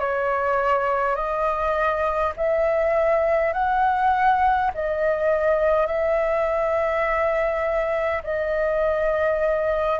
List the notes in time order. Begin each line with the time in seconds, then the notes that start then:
0.00 C#5
1.16 D#5
2.37 E5
3.53 F#5
4.74 D#5
5.87 E5
8.24 D#5